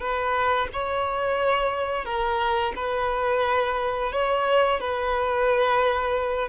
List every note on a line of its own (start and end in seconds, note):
0.00 0.68 B4
0.73 2.05 C#5
2.05 2.73 A#4
2.76 4.12 B4
4.12 4.80 C#5
4.80 6.49 B4